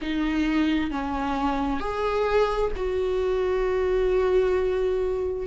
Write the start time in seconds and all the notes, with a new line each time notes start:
0.01 D#4
0.90 C#4
1.80 G#4
2.76 F#4